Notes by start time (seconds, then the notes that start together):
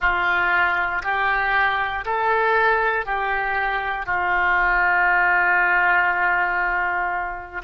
0.00 F4
1.03 G4
2.05 A4
3.05 G4
4.06 F4